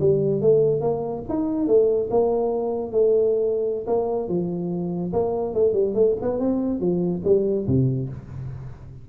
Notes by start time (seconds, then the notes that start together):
0.00 G3
0.41 A3
0.81 A#3
1.29 D#4
1.67 A3
2.10 A#3
2.92 A3
3.87 A#3
4.28 F3
5.13 A#3
5.54 A3
5.73 G3
5.94 A3
6.22 B3
6.39 C4
6.80 F3
7.25 G3
7.67 C3